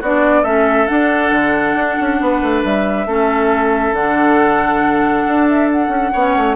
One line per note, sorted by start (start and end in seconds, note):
0.00 0.43 B3
0.00 0.44 D4
0.00 0.42 F#4
0.00 0.44 D5
0.42 0.87 A3
0.42 0.87 C#4
0.42 2.17 A4
0.42 0.87 E5
0.87 3.06 D4
0.87 1.31 D4
0.87 2.62 F#5
1.31 1.75 D3
1.75 1.97 D4
2.00 2.20 C#4
2.20 2.42 B3
2.20 3.07 B4
2.42 2.64 A3
2.64 3.06 G3
2.64 3.94 E5
3.06 3.92 A3
3.06 3.95 C#4
3.06 6.12 A4
3.92 5.24 D3
3.92 6.15 D4
3.92 5.48 F#5
5.27 5.88 D4
5.48 5.70 E5
5.71 6.55 F#5
5.88 6.10 C#4
6.12 6.36 B3
6.12 6.55 C#4
6.12 6.55 C#5
6.36 6.55 A3